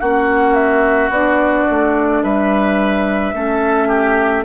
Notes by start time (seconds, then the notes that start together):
0.00 A#3 C#4 F#4 F#5
0.54 E5
1.09 B3 D4 D5
1.70 A3
2.23 G3 B4 E5
3.33 A3 C#4 A4
3.88 G4